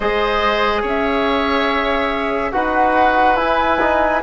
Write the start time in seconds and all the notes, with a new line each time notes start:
0.00 G#3 G#4 C5 D#5
0.82 C#4 C#5 E5
2.52 D#4 F#4 B4 F#5
3.36 E4 G#5
3.80 D#4